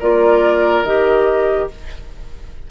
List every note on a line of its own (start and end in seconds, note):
0.00 0.84 A#3
0.00 0.86 F4
0.00 1.69 A#4
0.00 0.84 D5
0.84 1.68 D#3
0.84 1.71 G4
0.84 1.68 D#5